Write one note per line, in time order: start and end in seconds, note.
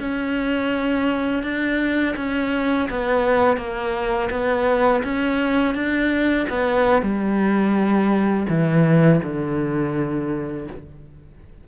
0.00 1.43 C#4
1.43 2.16 D4
2.17 2.89 C#4
2.90 3.58 B3
3.58 4.30 A#3
4.30 5.03 B3
5.04 5.75 C#4
5.75 6.47 D4
6.50 7.02 B3
7.02 8.47 G3
8.49 9.21 E3
9.23 10.68 D3